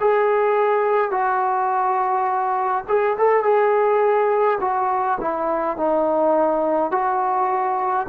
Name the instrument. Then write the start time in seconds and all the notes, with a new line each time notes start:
trombone
0.00 G#4
1.11 F#4
2.88 G#4
3.18 A4
3.43 G#4
4.60 F#4
5.20 E4
5.77 D#4
6.91 F#4